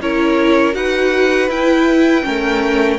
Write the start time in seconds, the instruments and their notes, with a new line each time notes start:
0.00 cello C#4, viola E4, violin A#4 C#5
0.72 cello D#4, viola F#4, violin B4 F#5
1.49 cello E4, viola E4, violin G5
2.22 cello A3, viola C#4, violin A#4